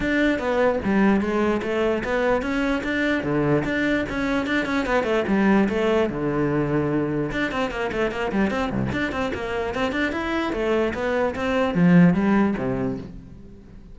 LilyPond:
\new Staff \with { instrumentName = "cello" } { \time 4/4 \tempo 4 = 148 d'4 b4 g4 gis4 | a4 b4 cis'4 d'4 | d4 d'4 cis'4 d'8 cis'8 | b8 a8 g4 a4 d4~ |
d2 d'8 c'8 ais8 a8 | ais8 g8 c'8 c,8 d'8 c'8 ais4 | c'8 d'8 e'4 a4 b4 | c'4 f4 g4 c4 | }